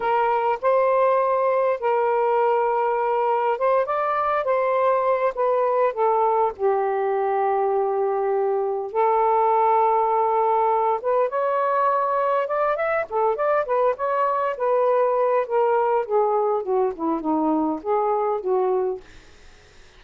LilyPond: \new Staff \with { instrumentName = "saxophone" } { \time 4/4 \tempo 4 = 101 ais'4 c''2 ais'4~ | ais'2 c''8 d''4 c''8~ | c''4 b'4 a'4 g'4~ | g'2. a'4~ |
a'2~ a'8 b'8 cis''4~ | cis''4 d''8 e''8 a'8 d''8 b'8 cis''8~ | cis''8 b'4. ais'4 gis'4 | fis'8 e'8 dis'4 gis'4 fis'4 | }